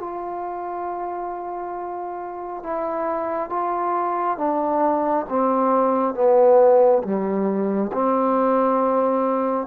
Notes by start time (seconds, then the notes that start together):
0.00 F4
2.64 E4
3.50 F4
4.38 D4
5.29 C4
6.14 B3
7.03 G3
7.93 C4